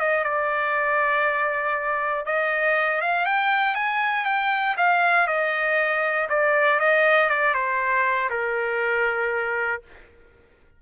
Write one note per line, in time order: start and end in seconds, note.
0.00 0.24 D#5
0.24 2.26 D5
2.26 3.01 D#5
3.01 3.26 F5
3.26 3.75 G5
3.75 4.25 G#5
4.26 4.76 G5
4.77 5.28 F5
5.28 6.28 D#5
6.29 6.80 D5
6.80 7.30 D#5
7.30 7.54 D5
7.54 8.30 C5
8.30 9.82 A#4